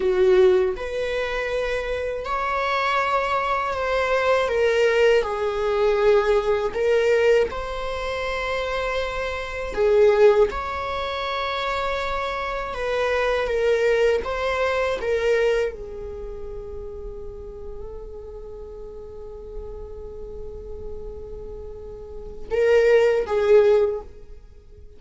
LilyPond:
\new Staff \with { instrumentName = "viola" } { \time 4/4 \tempo 4 = 80 fis'4 b'2 cis''4~ | cis''4 c''4 ais'4 gis'4~ | gis'4 ais'4 c''2~ | c''4 gis'4 cis''2~ |
cis''4 b'4 ais'4 c''4 | ais'4 gis'2.~ | gis'1~ | gis'2 ais'4 gis'4 | }